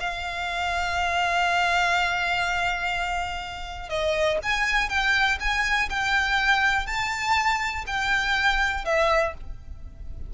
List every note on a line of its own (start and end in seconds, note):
0.00 3.89 F5
3.89 4.39 D#5
4.43 4.89 G#5
4.89 5.38 G5
5.40 5.89 G#5
5.89 6.86 G5
6.86 7.85 A5
7.87 8.85 G5
8.85 9.34 E5